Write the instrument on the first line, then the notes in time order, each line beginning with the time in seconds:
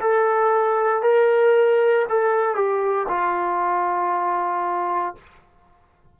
trombone
0.00 A4
1.02 A#4
2.09 A4
2.55 G4
3.08 F4